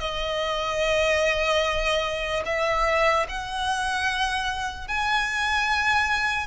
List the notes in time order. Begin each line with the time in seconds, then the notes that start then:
0.00 D#5
2.45 E5
3.29 F#5
4.88 G#5